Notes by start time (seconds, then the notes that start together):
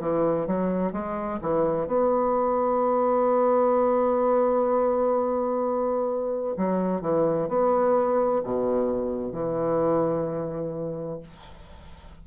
0.00 E3
0.47 F#3
0.93 G#3
1.42 E3
1.87 B3
6.57 F#3
7.01 E3
7.48 B3
8.44 B2
9.32 E3